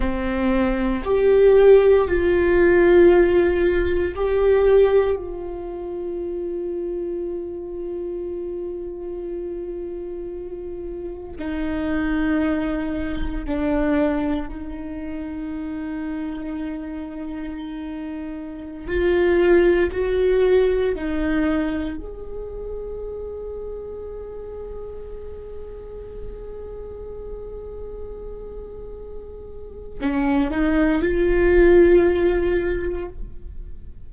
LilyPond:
\new Staff \with { instrumentName = "viola" } { \time 4/4 \tempo 4 = 58 c'4 g'4 f'2 | g'4 f'2.~ | f'2. dis'4~ | dis'4 d'4 dis'2~ |
dis'2~ dis'16 f'4 fis'8.~ | fis'16 dis'4 gis'2~ gis'8.~ | gis'1~ | gis'4 cis'8 dis'8 f'2 | }